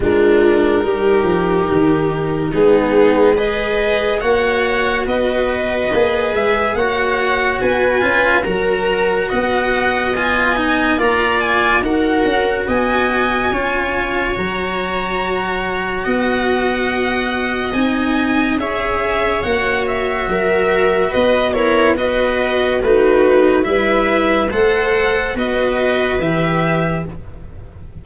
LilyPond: <<
  \new Staff \with { instrumentName = "violin" } { \time 4/4 \tempo 4 = 71 ais'2. gis'4 | dis''4 fis''4 dis''4. e''8 | fis''4 gis''4 ais''4 fis''4 | gis''4 ais''8 gis''8 fis''4 gis''4~ |
gis''4 ais''2 fis''4~ | fis''4 gis''4 e''4 fis''8 e''8~ | e''4 dis''8 cis''8 dis''4 b'4 | e''4 fis''4 dis''4 e''4 | }
  \new Staff \with { instrumentName = "viola" } { \time 4/4 f'4 g'2 dis'4 | b'4 cis''4 b'2 | cis''4 b'4 ais'4 dis''4~ | dis''4 d''4 ais'4 dis''4 |
cis''2. dis''4~ | dis''2 cis''2 | ais'4 b'8 ais'8 b'4 fis'4 | b'4 c''4 b'2 | }
  \new Staff \with { instrumentName = "cello" } { \time 4/4 d'4 dis'2 b4 | gis'4 fis'2 gis'4 | fis'4. f'8 fis'2 | f'8 dis'8 f'4 fis'2 |
f'4 fis'2.~ | fis'4 dis'4 gis'4 fis'4~ | fis'4. e'8 fis'4 dis'4 | e'4 a'4 fis'4 g'4 | }
  \new Staff \with { instrumentName = "tuba" } { \time 4/4 gis4 g8 f8 dis4 gis4~ | gis4 ais4 b4 ais8 gis8 | ais4 b8 cis'8 fis4 b4~ | b4 ais4 dis'8 cis'8 b4 |
cis'4 fis2 b4~ | b4 c'4 cis'4 ais4 | fis4 b2 a4 | g4 a4 b4 e4 | }
>>